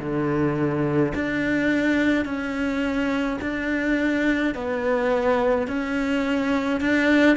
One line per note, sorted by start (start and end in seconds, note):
0.00 1.13 D3
1.15 2.25 D4
2.25 3.39 C#4
3.42 4.55 D4
4.55 5.68 B3
5.68 6.81 C#4
6.81 7.37 D4